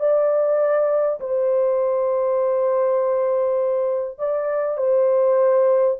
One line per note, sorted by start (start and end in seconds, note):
0.00 1.20 D5
1.21 4.19 C5
4.19 4.78 D5
4.78 5.98 C5